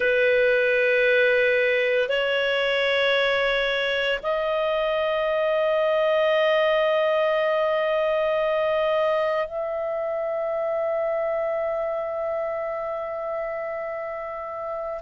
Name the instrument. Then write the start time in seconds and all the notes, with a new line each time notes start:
clarinet
0.00 B4
2.08 C#5
4.22 D#5
9.47 E5